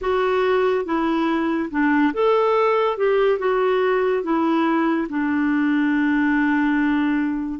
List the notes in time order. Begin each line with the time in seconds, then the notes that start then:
0.01 F#4
0.85 E4
1.71 D4
2.13 A4
2.97 G4
3.38 F#4
4.23 E4
5.09 D4